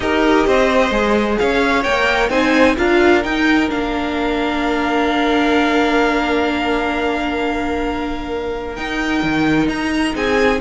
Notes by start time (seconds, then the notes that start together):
0.00 D#4 G4 A#4 D#5
0.46 C4 C5
0.90 G#3 G#4
1.38 C#4 C#5 F5
1.83 A#3 A#4 G5
2.29 C4 D#4 C5 G#5
2.77 D4 F4 A#4 F5
3.23 D#4 G5
3.68 A#3 D4 F5
8.75 D#4 G5
9.22 D#3
9.68 D#4 A#5
10.14 C4 G#4 G#5